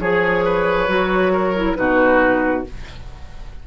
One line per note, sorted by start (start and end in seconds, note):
0.00 0.88 F3
0.00 0.45 G#4
0.00 0.88 G#4
0.00 1.75 C#5
0.45 1.33 B4
0.88 1.76 F#3
0.88 1.54 F#4
1.33 1.77 A#4
1.56 1.76 E4
1.75 2.66 B2
1.75 2.64 D#4
1.75 2.67 F#4
1.75 2.63 B4